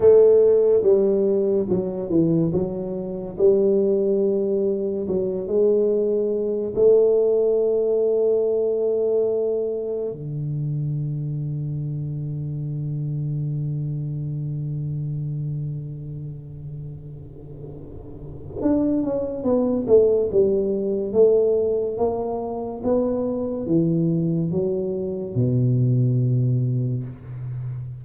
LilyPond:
\new Staff \with { instrumentName = "tuba" } { \time 4/4 \tempo 4 = 71 a4 g4 fis8 e8 fis4 | g2 fis8 gis4. | a1 | d1~ |
d1~ | d2 d'8 cis'8 b8 a8 | g4 a4 ais4 b4 | e4 fis4 b,2 | }